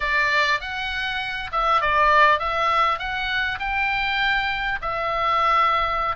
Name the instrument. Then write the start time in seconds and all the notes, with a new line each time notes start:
oboe
0.00 D5
0.60 F#5
1.52 E5
1.81 D5
2.39 E5
2.98 F#5
3.59 G5
4.81 E5